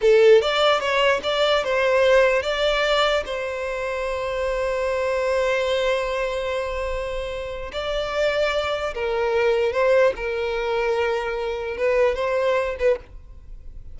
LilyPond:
\new Staff \with { instrumentName = "violin" } { \time 4/4 \tempo 4 = 148 a'4 d''4 cis''4 d''4 | c''2 d''2 | c''1~ | c''1~ |
c''2. d''4~ | d''2 ais'2 | c''4 ais'2.~ | ais'4 b'4 c''4. b'8 | }